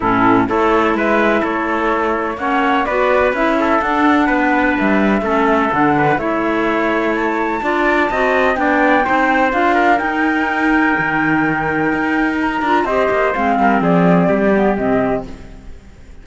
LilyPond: <<
  \new Staff \with { instrumentName = "flute" } { \time 4/4 \tempo 4 = 126 a'4 cis''4 e''4 cis''4~ | cis''4 fis''4 d''4 e''4 | fis''2 e''2 | fis''4 e''2 a''4~ |
a''2 g''2 | f''4 g''2.~ | g''2 ais''4 dis''4 | f''4 d''2 dis''4 | }
  \new Staff \with { instrumentName = "trumpet" } { \time 4/4 e'4 a'4 b'4 a'4~ | a'4 cis''4 b'4. a'8~ | a'4 b'2 a'4~ | a'8 b'8 cis''2. |
d''4 dis''4 d''4 c''4~ | c''8 ais'2.~ ais'8~ | ais'2. c''4~ | c''8 ais'8 gis'4 g'2 | }
  \new Staff \with { instrumentName = "clarinet" } { \time 4/4 cis'4 e'2.~ | e'4 cis'4 fis'4 e'4 | d'2. cis'4 | d'4 e'2. |
f'4 fis'4 d'4 dis'4 | f'4 dis'2.~ | dis'2~ dis'8 f'8 g'4 | c'2~ c'8 b8 c'4 | }
  \new Staff \with { instrumentName = "cello" } { \time 4/4 a,4 a4 gis4 a4~ | a4 ais4 b4 cis'4 | d'4 b4 g4 a4 | d4 a2. |
d'4 c'4 b4 c'4 | d'4 dis'2 dis4~ | dis4 dis'4. d'8 c'8 ais8 | gis8 g8 f4 g4 c4 | }
>>